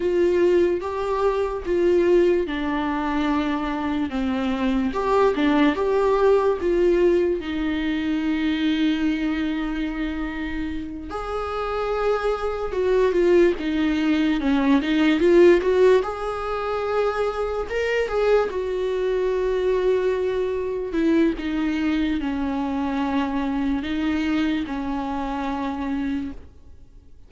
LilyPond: \new Staff \with { instrumentName = "viola" } { \time 4/4 \tempo 4 = 73 f'4 g'4 f'4 d'4~ | d'4 c'4 g'8 d'8 g'4 | f'4 dis'2.~ | dis'4. gis'2 fis'8 |
f'8 dis'4 cis'8 dis'8 f'8 fis'8 gis'8~ | gis'4. ais'8 gis'8 fis'4.~ | fis'4. e'8 dis'4 cis'4~ | cis'4 dis'4 cis'2 | }